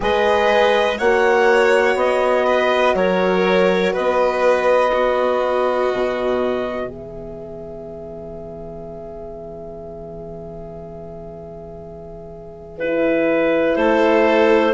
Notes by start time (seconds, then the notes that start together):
0.00 G#3 G#4 B4 D#5
0.98 A#3 F#4 C#5 F#5
1.95 B3 D#5
2.45 B4
2.94 F#3 A#4 C#5
3.92 B3 B4 D#5
4.91 B3 F#4
5.92 B2
6.85 E3 G#4 E5
12.78 E4 B4
13.76 A3 A4 C5